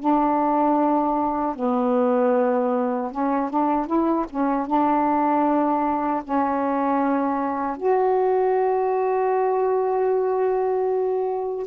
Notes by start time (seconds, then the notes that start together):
0.00 D4
1.56 B3
3.12 C#4
3.51 D4
3.87 E4
4.30 C#4
4.68 D4
6.24 C#4
7.77 F#4